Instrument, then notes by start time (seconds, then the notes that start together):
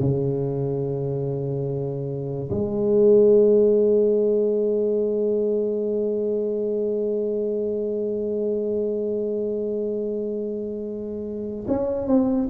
tuba
0.00 C#3
2.50 G#3
11.68 C#4
12.07 C4